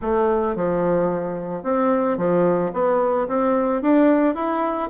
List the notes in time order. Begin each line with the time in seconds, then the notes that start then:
0.01 A3
0.55 F3
1.63 C4
2.17 F3
2.73 B3
3.28 C4
3.82 D4
4.35 E4